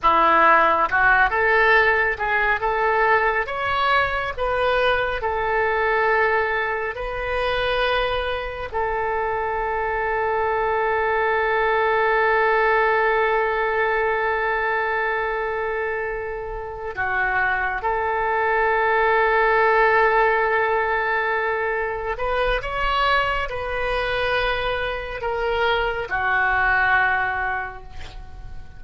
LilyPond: \new Staff \with { instrumentName = "oboe" } { \time 4/4 \tempo 4 = 69 e'4 fis'8 a'4 gis'8 a'4 | cis''4 b'4 a'2 | b'2 a'2~ | a'1~ |
a'2.~ a'8 fis'8~ | fis'8 a'2.~ a'8~ | a'4. b'8 cis''4 b'4~ | b'4 ais'4 fis'2 | }